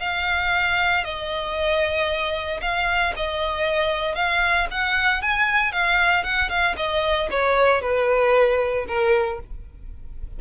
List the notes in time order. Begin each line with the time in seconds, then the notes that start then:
0.00 F5
1.04 D#5
2.61 F5
3.17 D#5
4.15 F5
4.71 F#5
5.22 G#5
5.72 F5
6.24 F#5
6.50 F5
6.77 D#5
7.31 C#5
7.82 B4
8.88 A#4